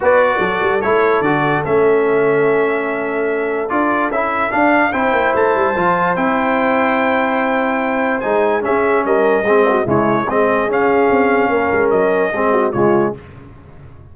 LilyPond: <<
  \new Staff \with { instrumentName = "trumpet" } { \time 4/4 \tempo 4 = 146 d''2 cis''4 d''4 | e''1~ | e''4 d''4 e''4 f''4 | g''4 a''2 g''4~ |
g''1 | gis''4 e''4 dis''2 | cis''4 dis''4 f''2~ | f''4 dis''2 cis''4 | }
  \new Staff \with { instrumentName = "horn" } { \time 4/4 b'4 a'2.~ | a'1~ | a'1 | c''1~ |
c''1~ | c''4 gis'4 ais'4 gis'8 fis'8 | e'4 gis'2. | ais'2 gis'8 fis'8 f'4 | }
  \new Staff \with { instrumentName = "trombone" } { \time 4/4 fis'2 e'4 fis'4 | cis'1~ | cis'4 f'4 e'4 d'4 | e'2 f'4 e'4~ |
e'1 | dis'4 cis'2 c'4 | gis4 c'4 cis'2~ | cis'2 c'4 gis4 | }
  \new Staff \with { instrumentName = "tuba" } { \time 4/4 b4 fis8 g8 a4 d4 | a1~ | a4 d'4 cis'4 d'4 | c'8 ais8 a8 g8 f4 c'4~ |
c'1 | gis4 cis'4 g4 gis4 | cis4 gis4 cis'4 c'4 | ais8 gis8 fis4 gis4 cis4 | }
>>